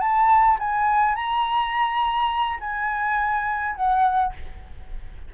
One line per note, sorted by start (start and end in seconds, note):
0.00 0.58 A5
0.60 1.15 G#5
1.15 2.60 A#5
2.60 3.76 G#5
3.76 4.33 F#5